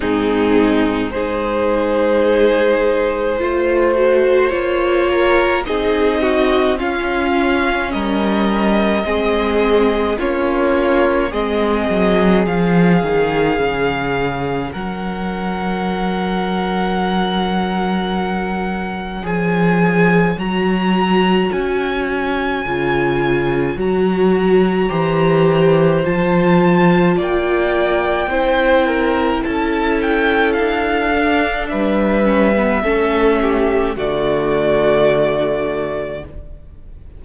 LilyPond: <<
  \new Staff \with { instrumentName = "violin" } { \time 4/4 \tempo 4 = 53 gis'4 c''2. | cis''4 dis''4 f''4 dis''4~ | dis''4 cis''4 dis''4 f''4~ | f''4 fis''2.~ |
fis''4 gis''4 ais''4 gis''4~ | gis''4 ais''2 a''4 | g''2 a''8 g''8 f''4 | e''2 d''2 | }
  \new Staff \with { instrumentName = "violin" } { \time 4/4 dis'4 gis'2 c''4~ | c''8 ais'8 gis'8 fis'8 f'4 ais'4 | gis'4 f'4 gis'2~ | gis'4 ais'2.~ |
ais'4 cis''2.~ | cis''2 c''2 | d''4 c''8 ais'8 a'2 | b'4 a'8 g'8 fis'2 | }
  \new Staff \with { instrumentName = "viola" } { \time 4/4 c'4 dis'2 f'8 fis'8 | f'4 dis'4 cis'2 | c'4 cis'4 c'4 cis'4~ | cis'1~ |
cis'4 gis'4 fis'2 | f'4 fis'4 g'4 f'4~ | f'4 e'2~ e'8 d'8~ | d'8 cis'16 b16 cis'4 a2 | }
  \new Staff \with { instrumentName = "cello" } { \time 4/4 gis,4 gis2 a4 | ais4 c'4 cis'4 g4 | gis4 ais4 gis8 fis8 f8 dis8 | cis4 fis2.~ |
fis4 f4 fis4 cis'4 | cis4 fis4 e4 f4 | ais4 c'4 cis'4 d'4 | g4 a4 d2 | }
>>